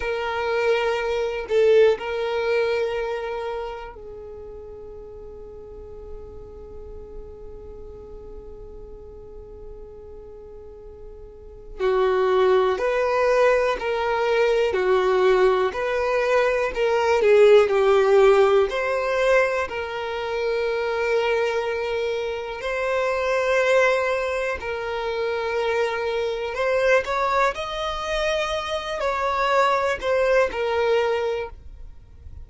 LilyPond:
\new Staff \with { instrumentName = "violin" } { \time 4/4 \tempo 4 = 61 ais'4. a'8 ais'2 | gis'1~ | gis'1 | fis'4 b'4 ais'4 fis'4 |
b'4 ais'8 gis'8 g'4 c''4 | ais'2. c''4~ | c''4 ais'2 c''8 cis''8 | dis''4. cis''4 c''8 ais'4 | }